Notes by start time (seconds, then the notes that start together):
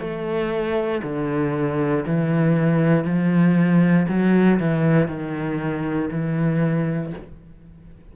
0.00 A3
1.03 D3
2.06 E3
3.05 F3
4.09 F#3
4.59 E3
5.08 D#3
6.11 E3